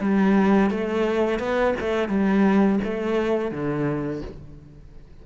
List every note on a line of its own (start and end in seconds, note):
0.00 0.71 G3
0.71 1.39 A3
1.39 1.75 B3
1.80 2.09 A3
2.09 2.79 G3
2.84 3.52 A3
3.52 4.22 D3